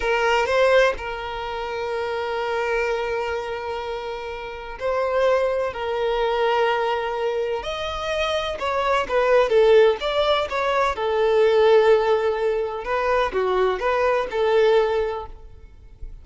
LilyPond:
\new Staff \with { instrumentName = "violin" } { \time 4/4 \tempo 4 = 126 ais'4 c''4 ais'2~ | ais'1~ | ais'2 c''2 | ais'1 |
dis''2 cis''4 b'4 | a'4 d''4 cis''4 a'4~ | a'2. b'4 | fis'4 b'4 a'2 | }